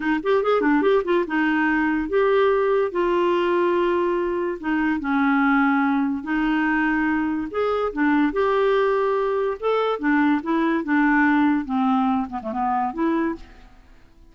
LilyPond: \new Staff \with { instrumentName = "clarinet" } { \time 4/4 \tempo 4 = 144 dis'8 g'8 gis'8 d'8 g'8 f'8 dis'4~ | dis'4 g'2 f'4~ | f'2. dis'4 | cis'2. dis'4~ |
dis'2 gis'4 d'4 | g'2. a'4 | d'4 e'4 d'2 | c'4. b16 a16 b4 e'4 | }